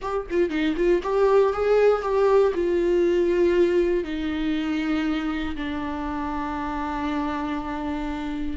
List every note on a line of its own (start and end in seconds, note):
0.01 0.26 G4
0.30 0.49 F4
0.49 0.74 D#4
0.76 1.01 F4
1.02 1.53 G4
1.53 2.02 G#4
2.02 2.52 G4
2.54 4.04 F4
4.04 5.55 D#4
5.56 8.57 D4